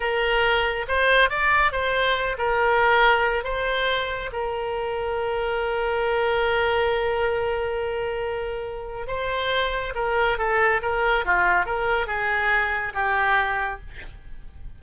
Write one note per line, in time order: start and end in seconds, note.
0.00 0.86 A#4
0.88 1.29 C5
1.29 1.71 D5
1.71 2.36 C5
2.37 3.44 A#4
3.44 4.30 C5
4.32 9.07 A#4
9.07 9.93 C5
9.94 10.38 A#4
10.38 10.81 A4
10.81 11.25 A#4
11.25 11.65 F4
11.65 12.06 A#4
12.06 12.93 G#4
12.94 13.80 G4